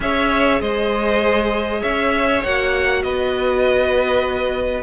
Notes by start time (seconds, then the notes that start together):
0.00 C#4 G#4 C#5 E5
0.61 G#3 C5 D#5
1.81 C#4 C#5 E5
2.43 A#3 F#4 F#5
3.02 B3 B4 D#5